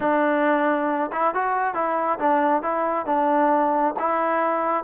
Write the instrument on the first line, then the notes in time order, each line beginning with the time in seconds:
trombone
0.00 D4
1.12 E4
1.34 F#4
1.74 E4
2.19 D4
2.62 E4
3.06 D4
3.99 E4